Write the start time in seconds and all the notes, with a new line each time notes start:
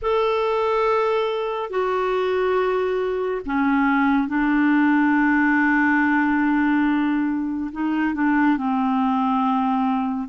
0.02 A4
1.69 F#4
3.45 C#4
4.27 D4
7.71 D#4
8.14 D4
8.57 C4